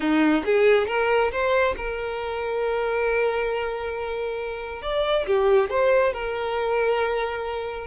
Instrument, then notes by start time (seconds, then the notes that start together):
violin
0.00 D#4
0.45 G#4
0.87 A#4
1.31 C5
1.76 A#4
4.82 D5
5.26 G4
5.70 C5
6.13 A#4